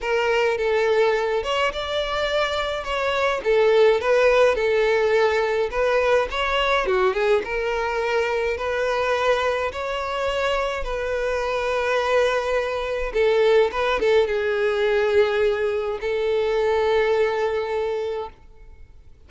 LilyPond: \new Staff \with { instrumentName = "violin" } { \time 4/4 \tempo 4 = 105 ais'4 a'4. cis''8 d''4~ | d''4 cis''4 a'4 b'4 | a'2 b'4 cis''4 | fis'8 gis'8 ais'2 b'4~ |
b'4 cis''2 b'4~ | b'2. a'4 | b'8 a'8 gis'2. | a'1 | }